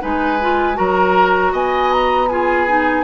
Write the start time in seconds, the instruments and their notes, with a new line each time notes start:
0.00 bassoon G#3, clarinet D#4, oboe B4, flute G#5
0.41 clarinet F4
0.75 bassoon F#3, clarinet F#4, oboe A#4, flute A#5
1.52 bassoon B3, oboe D#5, flute G#5
1.92 flute A#5
2.28 clarinet F4, oboe G#4, flute G#5
2.68 clarinet D#4